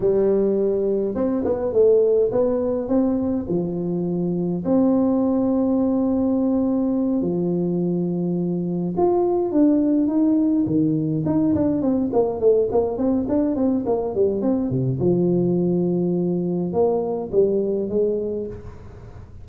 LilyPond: \new Staff \with { instrumentName = "tuba" } { \time 4/4 \tempo 4 = 104 g2 c'8 b8 a4 | b4 c'4 f2 | c'1~ | c'8 f2. f'8~ |
f'8 d'4 dis'4 dis4 dis'8 | d'8 c'8 ais8 a8 ais8 c'8 d'8 c'8 | ais8 g8 c'8 c8 f2~ | f4 ais4 g4 gis4 | }